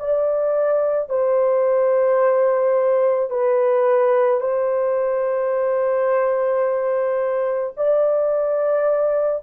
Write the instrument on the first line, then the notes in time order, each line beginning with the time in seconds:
horn
0.00 D5
1.09 C5
3.30 B4
4.40 C5
7.77 D5